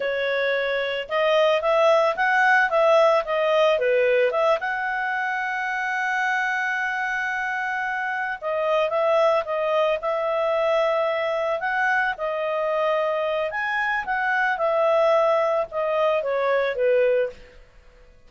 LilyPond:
\new Staff \with { instrumentName = "clarinet" } { \time 4/4 \tempo 4 = 111 cis''2 dis''4 e''4 | fis''4 e''4 dis''4 b'4 | e''8 fis''2.~ fis''8~ | fis''2.~ fis''8 dis''8~ |
dis''8 e''4 dis''4 e''4.~ | e''4. fis''4 dis''4.~ | dis''4 gis''4 fis''4 e''4~ | e''4 dis''4 cis''4 b'4 | }